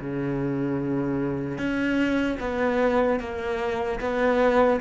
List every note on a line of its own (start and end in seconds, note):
0.00 1.58 C#3
1.58 2.38 C#4
2.40 3.20 B3
3.20 4.00 A#3
4.00 4.80 B3